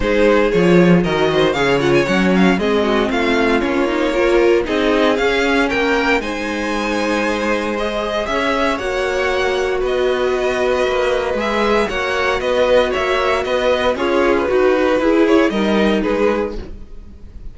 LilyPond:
<<
  \new Staff \with { instrumentName = "violin" } { \time 4/4 \tempo 4 = 116 c''4 cis''4 dis''4 f''8 fis''16 gis''16 | fis''8 f''8 dis''4 f''4 cis''4~ | cis''4 dis''4 f''4 g''4 | gis''2. dis''4 |
e''4 fis''2 dis''4~ | dis''2 e''4 fis''4 | dis''4 e''4 dis''4 cis''8. b'16~ | b'4. cis''8 dis''4 b'4 | }
  \new Staff \with { instrumentName = "violin" } { \time 4/4 gis'2 ais'8 c''8 cis''4~ | cis''4 gis'8 fis'8 f'2 | ais'4 gis'2 ais'4 | c''1 |
cis''2. b'4~ | b'2. cis''4 | b'4 cis''4 b'4 f'4 | fis'4 gis'4 ais'4 gis'4 | }
  \new Staff \with { instrumentName = "viola" } { \time 4/4 dis'4 f'4 fis'4 gis'8 f'8 | cis'4 c'2 cis'8 dis'8 | f'4 dis'4 cis'2 | dis'2. gis'4~ |
gis'4 fis'2.~ | fis'2 gis'4 fis'4~ | fis'2. gis'4 | fis'4 e'4 dis'2 | }
  \new Staff \with { instrumentName = "cello" } { \time 4/4 gis4 f4 dis4 cis4 | fis4 gis4 a4 ais4~ | ais4 c'4 cis'4 ais4 | gis1 |
cis'4 ais2 b4~ | b4 ais4 gis4 ais4 | b4 ais4 b4 cis'4 | dis'4 e'4 g4 gis4 | }
>>